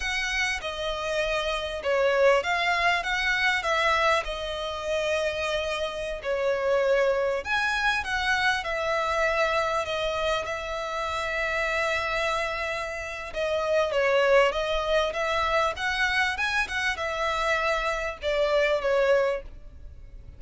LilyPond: \new Staff \with { instrumentName = "violin" } { \time 4/4 \tempo 4 = 99 fis''4 dis''2 cis''4 | f''4 fis''4 e''4 dis''4~ | dis''2~ dis''16 cis''4.~ cis''16~ | cis''16 gis''4 fis''4 e''4.~ e''16~ |
e''16 dis''4 e''2~ e''8.~ | e''2 dis''4 cis''4 | dis''4 e''4 fis''4 gis''8 fis''8 | e''2 d''4 cis''4 | }